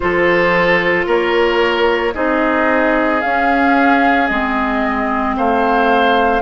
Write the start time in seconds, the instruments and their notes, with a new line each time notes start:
0.00 bassoon F3, clarinet F4, oboe A4, flute C5
1.06 bassoon A#3, oboe A#4, flute C#5
2.14 bassoon C4, clarinet D#4, oboe G#4, flute D#5
3.21 clarinet C#4, bassoon C#4, flute F5
4.27 bassoon G#3, clarinet C4, flute D#5
5.36 bassoon A3, oboe C5, flute F5